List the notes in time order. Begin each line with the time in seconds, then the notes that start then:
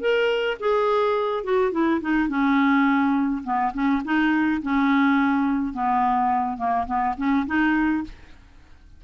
0.00 A#4
0.59 G#4
1.43 F#4
1.71 E4
2.01 D#4
2.28 C#4
3.43 B3
3.73 C#4
4.04 D#4
4.62 C#4
5.73 B3
6.57 A#3
6.86 B3
7.17 C#4
7.46 D#4